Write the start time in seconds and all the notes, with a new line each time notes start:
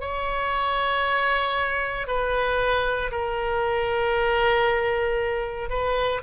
0.00 C#5
2.07 B4
3.11 A#4
5.69 B4